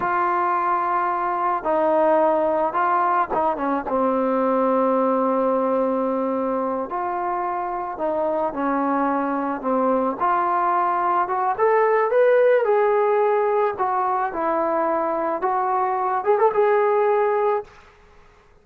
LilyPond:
\new Staff \with { instrumentName = "trombone" } { \time 4/4 \tempo 4 = 109 f'2. dis'4~ | dis'4 f'4 dis'8 cis'8 c'4~ | c'1~ | c'8 f'2 dis'4 cis'8~ |
cis'4. c'4 f'4.~ | f'8 fis'8 a'4 b'4 gis'4~ | gis'4 fis'4 e'2 | fis'4. gis'16 a'16 gis'2 | }